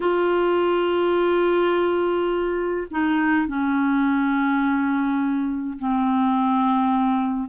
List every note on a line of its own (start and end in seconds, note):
0.00 2.87 F4
2.90 3.47 D#4
3.47 5.77 C#4
5.78 7.48 C4